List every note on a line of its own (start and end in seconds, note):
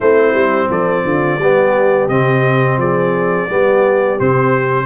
0.00 0.34 A3
0.00 1.40 C4
0.00 0.69 E4
0.00 0.70 C5
0.34 0.68 G3
0.69 1.04 F3
0.69 1.04 A4
0.69 2.08 D5
1.04 1.38 D3
1.04 1.40 F4
1.38 2.08 G3
1.38 2.10 B3
1.38 2.79 G4
2.08 2.77 C3
2.08 3.49 C4
2.08 2.78 D#5
2.77 3.47 F3
2.77 3.48 G#4
2.77 4.19 D5
3.49 4.19 G3
3.49 4.19 B3
3.49 4.86 G4
4.19 4.86 C3
4.19 4.86 C4
4.19 4.86 C5